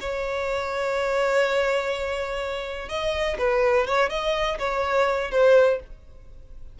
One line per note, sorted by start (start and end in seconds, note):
0.00 2.89 C#5
2.89 3.37 D#5
3.38 3.86 B4
3.86 4.09 C#5
4.09 4.57 D#5
4.59 5.31 C#5
5.31 5.79 C5